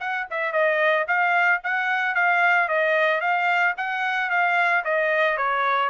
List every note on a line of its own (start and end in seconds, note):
0.00 0.27 F#5
0.30 0.52 E5
0.52 1.06 D#5
1.08 1.61 F5
1.63 2.15 F#5
2.15 2.68 F5
2.69 3.21 D#5
3.21 3.75 F5
3.77 4.30 F#5
4.30 4.84 F5
4.85 5.37 D#5
5.37 5.90 C#5